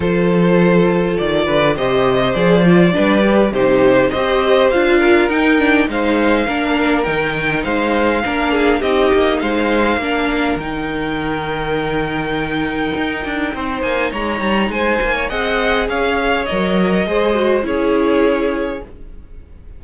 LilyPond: <<
  \new Staff \with { instrumentName = "violin" } { \time 4/4 \tempo 4 = 102 c''2 d''4 dis''4 | d''2 c''4 dis''4 | f''4 g''4 f''2 | g''4 f''2 dis''4 |
f''2 g''2~ | g''2.~ g''8 gis''8 | ais''4 gis''4 fis''4 f''4 | dis''2 cis''2 | }
  \new Staff \with { instrumentName = "violin" } { \time 4/4 a'2~ a'8 b'8 c''4~ | c''4 b'4 g'4 c''4~ | c''8 ais'4. c''4 ais'4~ | ais'4 c''4 ais'8 gis'8 g'4 |
c''4 ais'2.~ | ais'2. c''4 | cis''4 c''8. cis''16 dis''4 cis''4~ | cis''4 c''4 gis'2 | }
  \new Staff \with { instrumentName = "viola" } { \time 4/4 f'2. g'4 | gis'8 f'8 d'8 g'8 dis'4 g'4 | f'4 dis'8 d'8 dis'4 d'4 | dis'2 d'4 dis'4~ |
dis'4 d'4 dis'2~ | dis'1~ | dis'2 gis'2 | ais'4 gis'8 fis'8 e'2 | }
  \new Staff \with { instrumentName = "cello" } { \time 4/4 f2 dis8 d8 c4 | f4 g4 c4 c'4 | d'4 dis'4 gis4 ais4 | dis4 gis4 ais4 c'8 ais8 |
gis4 ais4 dis2~ | dis2 dis'8 d'8 c'8 ais8 | gis8 g8 gis8 ais8 c'4 cis'4 | fis4 gis4 cis'2 | }
>>